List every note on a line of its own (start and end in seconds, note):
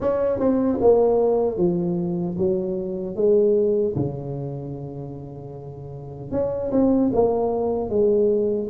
0.00 0.39 C#4
0.39 0.78 C4
0.80 1.57 A#3
1.57 2.36 F3
2.37 3.15 F#3
3.15 3.94 G#3
3.95 6.31 C#3
6.31 6.70 C#4
6.71 7.11 C4
7.13 7.89 A#3
7.89 8.68 G#3